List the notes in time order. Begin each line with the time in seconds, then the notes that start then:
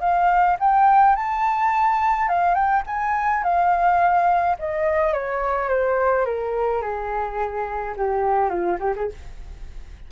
0.00 F5
0.59 G5
1.16 A5
2.28 F5
2.54 G5
2.86 G#5
3.43 F5
4.59 D#5
5.13 C#5
5.69 C5
6.25 A#4
6.82 G#4
7.97 G4
8.49 F4
8.80 G4
8.96 G#4